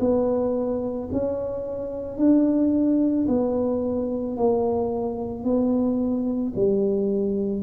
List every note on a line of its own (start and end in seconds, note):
0.00 1.09 B3
1.12 2.18 C#4
2.18 3.27 D4
3.28 4.37 B3
4.37 5.44 A#3
5.44 6.53 B3
6.56 7.63 G3